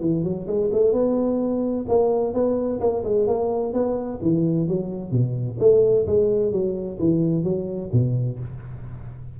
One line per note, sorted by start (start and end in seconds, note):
0.00 0.23 E3
0.23 0.47 F#3
0.47 0.70 G#3
0.72 0.92 A3
0.92 1.85 B3
1.88 2.33 A#3
2.33 2.80 B3
2.80 3.03 A#3
3.04 3.27 G#3
3.27 3.73 A#3
3.73 4.19 B3
4.22 4.67 E3
4.67 5.11 F#3
5.11 5.57 B2
5.59 6.06 A3
6.07 6.52 G#3
6.52 6.98 F#3
6.99 7.43 E3
7.43 7.90 F#3
7.92 8.39 B2